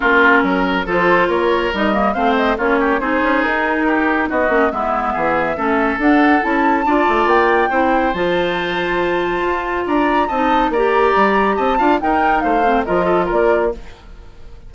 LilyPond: <<
  \new Staff \with { instrumentName = "flute" } { \time 4/4 \tempo 4 = 140 ais'2 c''4 cis''4 | dis''4 f''8 dis''8 cis''4 c''4 | ais'2 dis''4 e''4~ | e''2 fis''4 a''4~ |
a''4 g''2 a''4~ | a''2. ais''4 | a''4 ais''2 a''4 | g''4 f''4 dis''4 d''4 | }
  \new Staff \with { instrumentName = "oboe" } { \time 4/4 f'4 ais'4 a'4 ais'4~ | ais'4 c''4 f'8 g'8 gis'4~ | gis'4 g'4 fis'4 e'4 | gis'4 a'2. |
d''2 c''2~ | c''2. d''4 | dis''4 d''2 dis''8 f''8 | ais'4 c''4 ais'8 a'8 ais'4 | }
  \new Staff \with { instrumentName = "clarinet" } { \time 4/4 cis'2 f'2 | dis'8 ais8 c'4 cis'4 dis'4~ | dis'2~ dis'8 cis'8 b4~ | b4 cis'4 d'4 e'4 |
f'2 e'4 f'4~ | f'1 | dis'4 g'2~ g'8 f'8 | dis'4. c'8 f'2 | }
  \new Staff \with { instrumentName = "bassoon" } { \time 4/4 ais4 fis4 f4 ais4 | g4 a4 ais4 c'8 cis'8 | dis'2 b8 ais8 gis4 | e4 a4 d'4 cis'4 |
d'8 a8 ais4 c'4 f4~ | f2 f'4 d'4 | c'4 ais4 g4 c'8 d'8 | dis'4 a4 f4 ais4 | }
>>